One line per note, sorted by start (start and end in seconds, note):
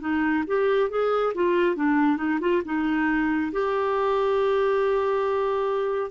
0.00 0.43 D#4
0.47 0.89 G4
0.89 1.33 G#4
1.34 1.75 F4
1.75 2.17 D4
2.17 2.39 D#4
2.40 2.62 F4
2.64 3.51 D#4
3.52 6.10 G4